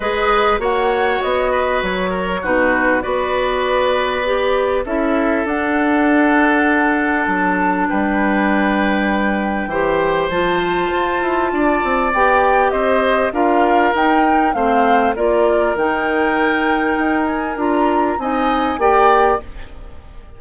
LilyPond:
<<
  \new Staff \with { instrumentName = "flute" } { \time 4/4 \tempo 4 = 99 dis''4 fis''4 dis''4 cis''4 | b'4 d''2. | e''4 fis''2. | a''4 g''2.~ |
g''4 a''2. | g''4 dis''4 f''4 g''4 | f''4 d''4 g''2~ | g''8 gis''8 ais''4 gis''4 g''4 | }
  \new Staff \with { instrumentName = "oboe" } { \time 4/4 b'4 cis''4. b'4 ais'8 | fis'4 b'2. | a'1~ | a'4 b'2. |
c''2. d''4~ | d''4 c''4 ais'2 | c''4 ais'2.~ | ais'2 dis''4 d''4 | }
  \new Staff \with { instrumentName = "clarinet" } { \time 4/4 gis'4 fis'2. | dis'4 fis'2 g'4 | e'4 d'2.~ | d'1 |
g'4 f'2. | g'2 f'4 dis'4 | c'4 f'4 dis'2~ | dis'4 f'4 dis'4 g'4 | }
  \new Staff \with { instrumentName = "bassoon" } { \time 4/4 gis4 ais4 b4 fis4 | b,4 b2. | cis'4 d'2. | fis4 g2. |
e4 f4 f'8 e'8 d'8 c'8 | b4 c'4 d'4 dis'4 | a4 ais4 dis2 | dis'4 d'4 c'4 ais4 | }
>>